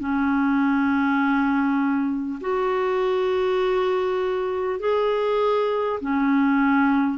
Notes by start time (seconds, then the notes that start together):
0.00 C#4
2.41 F#4
4.80 G#4
6.01 C#4